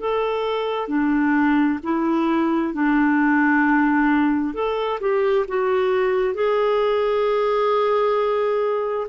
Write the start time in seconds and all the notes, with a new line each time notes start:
0.00 A4
0.88 D4
1.83 E4
2.74 D4
4.54 A4
5.00 G4
5.48 F#4
6.34 G#4